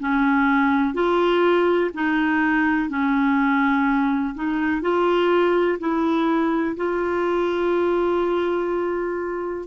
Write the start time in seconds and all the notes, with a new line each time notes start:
0.00 C#4
0.94 F4
1.94 D#4
2.89 C#4
4.35 D#4
4.82 F4
5.79 E4
6.77 F4